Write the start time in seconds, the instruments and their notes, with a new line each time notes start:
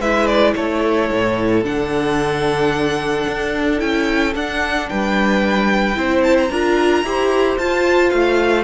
0.00 cello G#3, viola E4, violin B4 E5
0.27 violin D5
0.56 cello A3, violin A4 C#5
1.12 cello A2
1.64 cello D3, viola D4, violin F#5
3.28 cello D4
3.78 cello C#4, viola E4, violin G5
4.35 cello D4, viola D4, violin F#5
4.89 cello G3, violin B4 G5
5.95 cello C4, viola E4, violin C5
6.23 violin A5
6.38 violin A#5
6.50 cello D4, viola F4, violin A#4
7.04 cello E4, viola G4, violin C5
7.58 cello F4, viola F4, violin A5
8.10 cello A3, violin F5